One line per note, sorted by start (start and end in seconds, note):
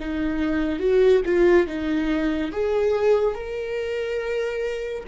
0.00 0.80 D#4
0.80 1.22 F#4
1.25 1.67 F4
1.67 2.51 D#4
2.52 3.35 G#4
3.35 5.04 A#4